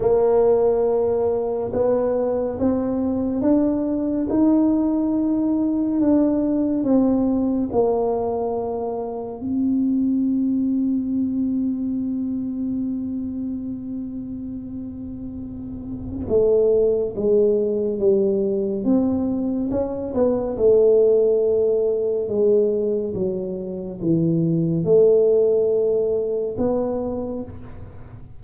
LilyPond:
\new Staff \with { instrumentName = "tuba" } { \time 4/4 \tempo 4 = 70 ais2 b4 c'4 | d'4 dis'2 d'4 | c'4 ais2 c'4~ | c'1~ |
c'2. a4 | gis4 g4 c'4 cis'8 b8 | a2 gis4 fis4 | e4 a2 b4 | }